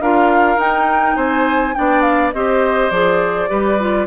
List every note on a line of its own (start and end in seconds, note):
0.00 0.56 D4
0.00 0.58 F4
0.00 1.15 A#4
0.00 0.59 F5
0.56 1.15 D#4
0.56 1.74 D#4
0.56 1.17 G5
1.15 1.74 C4
1.15 1.74 C5
1.15 1.74 G#5
1.74 2.33 B3
1.74 2.32 D4
1.74 2.34 D5
1.74 2.01 G5
2.01 2.30 F5
2.33 2.90 C4
2.33 2.92 G4
2.33 3.49 C5
2.33 2.89 D#5
2.89 3.49 F3
2.89 3.48 G#4
2.89 4.06 D5
3.48 4.06 G3
3.48 3.77 G4
3.48 4.06 B4
3.79 4.06 F4